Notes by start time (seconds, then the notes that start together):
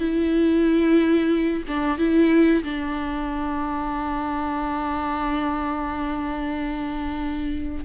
0.00 E4
1.68 D4
1.99 E4
2.64 D4